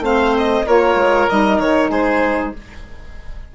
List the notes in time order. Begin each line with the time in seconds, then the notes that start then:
0.00 A3 C4 C5 F5
0.38 D#5
0.66 A#3 F4 A#4 C#5
0.95 G#3
1.29 G3 D#4 D#5
1.59 D#3 C#5
1.90 G#3 G#4 C5